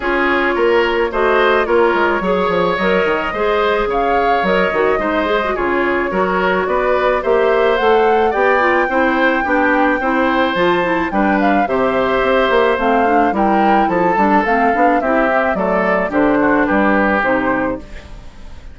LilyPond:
<<
  \new Staff \with { instrumentName = "flute" } { \time 4/4 \tempo 4 = 108 cis''2 dis''4 cis''4~ | cis''4 dis''2 f''4 | dis''2 cis''2 | d''4 e''4 fis''4 g''4~ |
g''2. a''4 | g''8 f''8 e''2 f''4 | g''4 a''4 f''4 e''4 | d''4 c''4 b'4 c''4 | }
  \new Staff \with { instrumentName = "oboe" } { \time 4/4 gis'4 ais'4 c''4 ais'4 | cis''2 c''4 cis''4~ | cis''4 c''4 gis'4 ais'4 | b'4 c''2 d''4 |
c''4 g'4 c''2 | b'4 c''2. | ais'4 a'2 g'4 | a'4 g'8 fis'8 g'2 | }
  \new Staff \with { instrumentName = "clarinet" } { \time 4/4 f'2 fis'4 f'4 | gis'4 ais'4 gis'2 | ais'8 fis'8 dis'8 gis'16 fis'16 f'4 fis'4~ | fis'4 g'4 a'4 g'8 f'8 |
e'4 d'4 e'4 f'8 e'8 | d'4 g'2 c'8 d'8 | e'4. d'8 c'8 d'8 e'8 c'8 | a4 d'2 dis'4 | }
  \new Staff \with { instrumentName = "bassoon" } { \time 4/4 cis'4 ais4 a4 ais8 gis8 | fis8 f8 fis8 dis8 gis4 cis4 | fis8 dis8 gis4 cis4 fis4 | b4 ais4 a4 b4 |
c'4 b4 c'4 f4 | g4 c4 c'8 ais8 a4 | g4 f8 g8 a8 b8 c'4 | fis4 d4 g4 c4 | }
>>